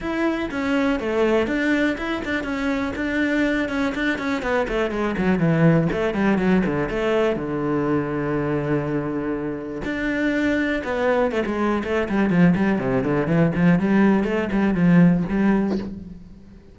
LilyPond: \new Staff \with { instrumentName = "cello" } { \time 4/4 \tempo 4 = 122 e'4 cis'4 a4 d'4 | e'8 d'8 cis'4 d'4. cis'8 | d'8 cis'8 b8 a8 gis8 fis8 e4 | a8 g8 fis8 d8 a4 d4~ |
d1 | d'2 b4 a16 gis8. | a8 g8 f8 g8 c8 d8 e8 f8 | g4 a8 g8 f4 g4 | }